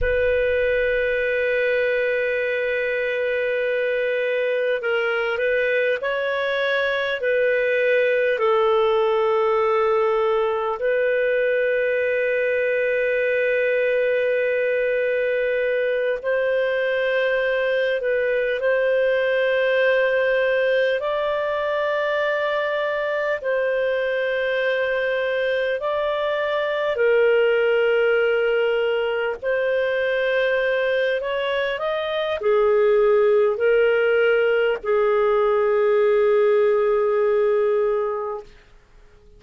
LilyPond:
\new Staff \with { instrumentName = "clarinet" } { \time 4/4 \tempo 4 = 50 b'1 | ais'8 b'8 cis''4 b'4 a'4~ | a'4 b'2.~ | b'4. c''4. b'8 c''8~ |
c''4. d''2 c''8~ | c''4. d''4 ais'4.~ | ais'8 c''4. cis''8 dis''8 gis'4 | ais'4 gis'2. | }